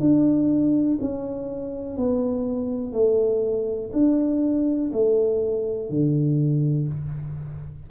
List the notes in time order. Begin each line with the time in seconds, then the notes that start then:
0.00 D4
1.01 C#4
1.97 B3
2.92 A3
3.93 D4
4.93 A3
5.90 D3